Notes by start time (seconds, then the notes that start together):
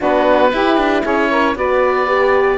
0.00 B3 D4 F#4 B4
0.52 E4 G4
0.77 D4
1.02 C#4 G#4 C#5
1.30 A#4
1.55 B3 F#4 B4 D5
2.07 G4